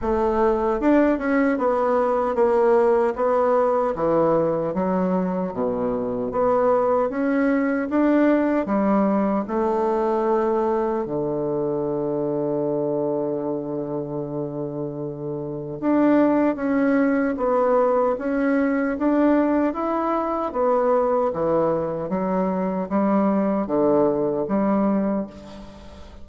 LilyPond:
\new Staff \with { instrumentName = "bassoon" } { \time 4/4 \tempo 4 = 76 a4 d'8 cis'8 b4 ais4 | b4 e4 fis4 b,4 | b4 cis'4 d'4 g4 | a2 d2~ |
d1 | d'4 cis'4 b4 cis'4 | d'4 e'4 b4 e4 | fis4 g4 d4 g4 | }